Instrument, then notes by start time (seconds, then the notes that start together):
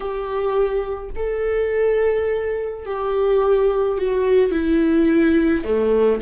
viola
0.00 G4
1.16 A4
2.85 G4
3.97 F#4
4.51 E4
5.64 A3